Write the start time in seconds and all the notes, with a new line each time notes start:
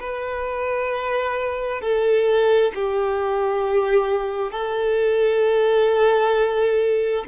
0.00 B4
1.81 A4
2.75 G4
4.51 A4